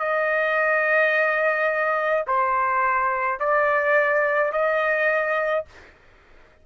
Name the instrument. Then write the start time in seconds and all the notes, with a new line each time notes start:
trumpet
0.00 D#5
2.27 C5
3.40 D5
4.53 D#5